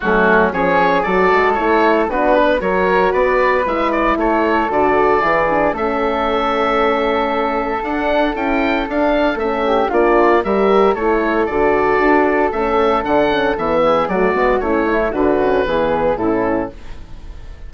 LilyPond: <<
  \new Staff \with { instrumentName = "oboe" } { \time 4/4 \tempo 4 = 115 fis'4 cis''4 d''4 cis''4 | b'4 cis''4 d''4 e''8 d''8 | cis''4 d''2 e''4~ | e''2. fis''4 |
g''4 f''4 e''4 d''4 | e''4 cis''4 d''2 | e''4 fis''4 e''4 d''4 | cis''4 b'2 a'4 | }
  \new Staff \with { instrumentName = "flute" } { \time 4/4 cis'4 gis'4 a'2 | fis'8 b'8 ais'4 b'2 | a'2 gis'4 a'4~ | a'1~ |
a'2~ a'8 g'8 f'4 | ais'4 a'2.~ | a'2~ a'8 gis'8 fis'4 | e'4 fis'4 gis'4 e'4 | }
  \new Staff \with { instrumentName = "horn" } { \time 4/4 a4 cis'4 fis'4 e'4 | d'4 fis'2 e'4~ | e'4 fis'4 e'8 d'8 cis'4~ | cis'2. d'4 |
e'4 d'4 cis'4 d'4 | g'4 e'4 fis'2 | cis'4 d'8 cis'8 b4 a8 b8 | cis'8 e'8 d'8 cis'8 b4 cis'4 | }
  \new Staff \with { instrumentName = "bassoon" } { \time 4/4 fis4 f4 fis8 gis8 a4 | b4 fis4 b4 gis4 | a4 d4 e4 a4~ | a2. d'4 |
cis'4 d'4 a4 ais4 | g4 a4 d4 d'4 | a4 d4 e4 fis8 gis8 | a4 d4 e4 a,4 | }
>>